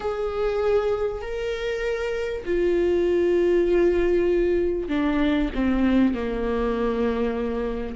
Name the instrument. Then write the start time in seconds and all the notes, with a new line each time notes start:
viola
0.00 G#4
1.21 A#4
2.45 F4
4.88 D4
5.54 C4
6.14 A#3